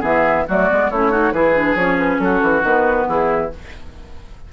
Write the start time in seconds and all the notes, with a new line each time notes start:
0.00 E3 B3 G#4 E5
0.48 F#3 A3 F#4 D5
0.70 G#3 B3
0.91 A3 C#4 E4 C#5
1.11 D#4 F#4
1.32 E3 E4 G#4 B4
1.55 D4
1.75 F3 C#4 C#5
1.98 B4
2.19 F#3 F#4 A4
2.42 E3
2.63 D#3 B3 B4
3.07 E3 E4 G#4